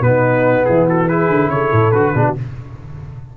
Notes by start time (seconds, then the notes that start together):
0.00 B2 B3 D#4 B4
0.65 E3 E4 G#4
0.88 F#4 A4
1.08 E4 G#4 B4
1.29 D3
1.49 C#3 A4 C#5
1.72 A2
1.91 D3 F#4 B4
2.14 B2 D4 G#4
2.26 F#4